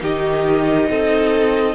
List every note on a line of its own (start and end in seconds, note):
0.00 0.89 D#3
0.00 1.74 D#4
0.00 0.89 G4
0.00 1.75 D#5
0.90 1.75 C4
0.90 1.75 A4